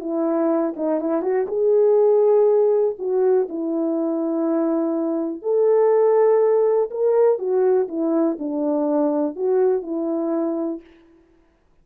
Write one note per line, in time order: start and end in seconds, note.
0.00 0.74 E4
0.76 1.00 D#4
1.00 1.21 E4
1.21 1.46 F#4
1.48 2.95 G#4
2.98 3.47 F#4
3.49 5.42 E4
5.42 6.89 A4
6.91 7.38 A#4
7.38 7.87 F#4
7.88 8.37 E4
8.39 9.35 D4
9.35 9.82 F#4
9.82 10.80 E4